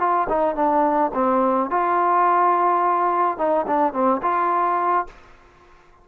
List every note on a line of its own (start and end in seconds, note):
0.00 0.28 F4
0.29 0.56 D#4
0.56 1.12 D4
1.14 1.71 C4
1.71 3.38 F4
3.38 3.66 D#4
3.68 3.93 D4
3.93 4.21 C4
4.23 5.07 F4